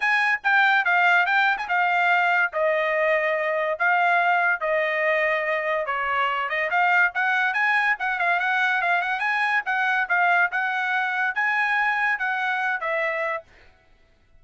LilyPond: \new Staff \with { instrumentName = "trumpet" } { \time 4/4 \tempo 4 = 143 gis''4 g''4 f''4 g''8. gis''16 | f''2 dis''2~ | dis''4 f''2 dis''4~ | dis''2 cis''4. dis''8 |
f''4 fis''4 gis''4 fis''8 f''8 | fis''4 f''8 fis''8 gis''4 fis''4 | f''4 fis''2 gis''4~ | gis''4 fis''4. e''4. | }